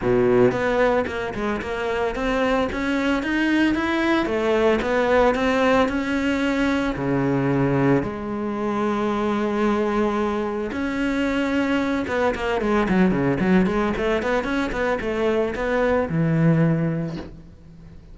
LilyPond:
\new Staff \with { instrumentName = "cello" } { \time 4/4 \tempo 4 = 112 b,4 b4 ais8 gis8 ais4 | c'4 cis'4 dis'4 e'4 | a4 b4 c'4 cis'4~ | cis'4 cis2 gis4~ |
gis1 | cis'2~ cis'8 b8 ais8 gis8 | fis8 cis8 fis8 gis8 a8 b8 cis'8 b8 | a4 b4 e2 | }